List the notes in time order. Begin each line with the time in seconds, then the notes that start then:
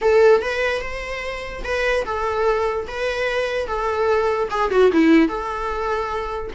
0.01 A4
0.41 B4
0.81 C5
1.63 B4
2.05 A4
2.87 B4
3.67 A4
4.50 G#4
4.71 F#4
4.92 E4
5.28 A4